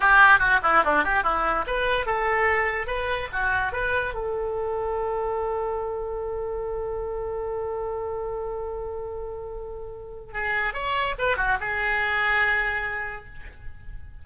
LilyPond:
\new Staff \with { instrumentName = "oboe" } { \time 4/4 \tempo 4 = 145 g'4 fis'8 e'8 d'8 g'8 e'4 | b'4 a'2 b'4 | fis'4 b'4 a'2~ | a'1~ |
a'1~ | a'1~ | a'4 gis'4 cis''4 b'8 fis'8 | gis'1 | }